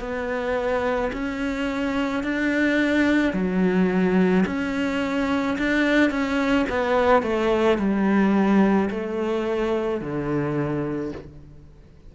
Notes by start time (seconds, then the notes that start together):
0.00 B3
1.13 C#4
2.24 D4
3.33 F#3
4.46 C#4
5.58 D4
6.11 C#4
6.70 B3
7.23 A3
7.78 G3
8.90 A3
10.01 D3